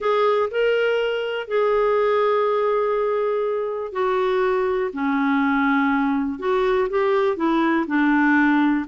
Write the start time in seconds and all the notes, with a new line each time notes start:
0.00 G#4
0.51 A#4
1.47 G#4
3.92 F#4
4.93 C#4
6.39 F#4
6.89 G4
7.36 E4
7.87 D4